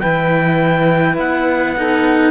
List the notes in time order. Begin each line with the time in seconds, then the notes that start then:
0.00 E3 E4 B4 G5
1.18 B3 F#5
1.77 D#4 A4